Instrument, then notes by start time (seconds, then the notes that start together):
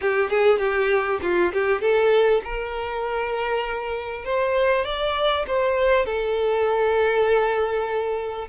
violin
0.01 G4
0.30 G#4
0.59 G4
1.21 F4
1.53 G4
1.81 A4
2.44 A#4
4.24 C5
4.85 D5
5.47 C5
6.05 A4